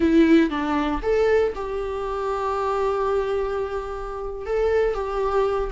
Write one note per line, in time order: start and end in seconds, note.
0.00 0.50 E4
0.50 1.01 D4
1.02 1.53 A4
1.55 4.45 G4
4.45 4.94 A4
4.94 5.70 G4